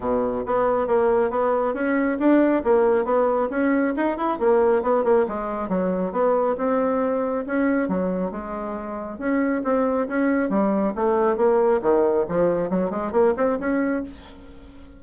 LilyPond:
\new Staff \with { instrumentName = "bassoon" } { \time 4/4 \tempo 4 = 137 b,4 b4 ais4 b4 | cis'4 d'4 ais4 b4 | cis'4 dis'8 e'8 ais4 b8 ais8 | gis4 fis4 b4 c'4~ |
c'4 cis'4 fis4 gis4~ | gis4 cis'4 c'4 cis'4 | g4 a4 ais4 dis4 | f4 fis8 gis8 ais8 c'8 cis'4 | }